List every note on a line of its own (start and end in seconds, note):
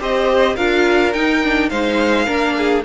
0.00 0.57 C4
0.00 0.57 G4
0.00 0.56 C5
0.00 0.57 D#5
0.56 1.15 D4
0.56 1.13 F4
0.56 1.70 A#4
0.56 1.13 F5
1.14 1.43 D#4
1.14 1.71 D#4
1.14 1.70 G5
1.43 1.71 D4
1.70 2.28 G#3
1.70 2.27 D#4
1.70 2.26 C5
1.70 2.83 F5
2.26 2.85 A#3
2.26 2.83 D4
2.26 2.54 A#4
2.58 2.85 G#4